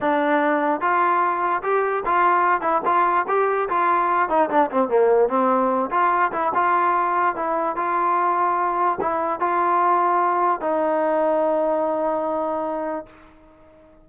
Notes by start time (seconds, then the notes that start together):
0.00 D4
0.80 F4
1.62 G4
2.05 F4
2.61 E4
2.85 F4
3.28 G4
3.69 F4
4.29 D#4
4.49 D4
4.71 C4
4.88 A#3
5.29 C4
5.90 F4
6.32 E4
6.54 F4
7.35 E4
7.76 F4
9.01 E4
9.40 F4
10.60 D#4